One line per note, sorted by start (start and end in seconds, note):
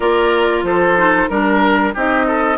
0.00 0.62 A#3
0.00 0.97 F4
0.00 0.64 A#4
0.00 0.64 D5
0.62 1.27 F3
0.62 1.29 A4
0.62 1.28 C5
0.97 1.29 D#4
1.28 1.94 G3
1.28 1.94 D4
1.28 1.93 A#4
1.28 1.94 A#4
1.94 2.57 C4
1.94 2.57 D#4
1.94 2.26 G4
1.94 2.57 D#5
2.26 2.57 A4